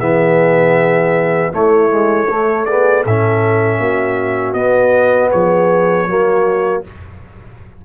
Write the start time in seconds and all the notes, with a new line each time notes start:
0.00 E3 B3 G#4 E5
1.53 A3 E4 C#5
1.90 G#3
2.29 A3 A4
2.66 B3 G#4 D5
3.04 A2 C#4 A4 E5
3.78 A#3 F#4
4.54 B3 D#5
5.32 F3 G#4 C#5
6.07 F#3 A#3 F#4